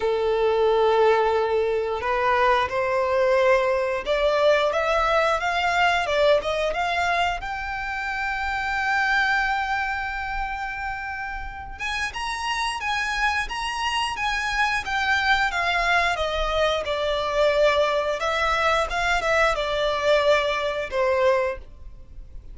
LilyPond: \new Staff \with { instrumentName = "violin" } { \time 4/4 \tempo 4 = 89 a'2. b'4 | c''2 d''4 e''4 | f''4 d''8 dis''8 f''4 g''4~ | g''1~ |
g''4. gis''8 ais''4 gis''4 | ais''4 gis''4 g''4 f''4 | dis''4 d''2 e''4 | f''8 e''8 d''2 c''4 | }